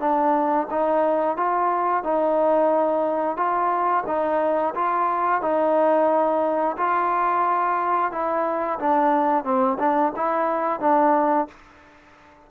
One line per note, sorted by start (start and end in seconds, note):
0.00 0.67 D4
0.71 1.37 D#4
1.37 2.04 F4
2.04 3.37 D#4
3.37 4.04 F4
4.07 4.74 D#4
4.75 5.42 F4
5.42 6.77 D#4
6.78 8.12 F4
8.12 8.79 E4
8.79 9.44 D4
9.44 9.78 C4
9.79 10.13 D4
10.16 10.80 E4
10.80 11.48 D4